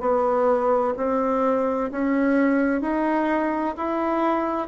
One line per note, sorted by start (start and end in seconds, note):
0.00 0.94 B3
0.97 1.90 C4
1.91 2.81 C#4
2.81 3.75 D#4
3.77 4.67 E4